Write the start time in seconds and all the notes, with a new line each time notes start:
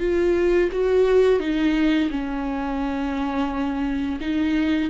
0.00 F4
0.72 F#4
1.40 D#4
2.11 C#4
4.21 D#4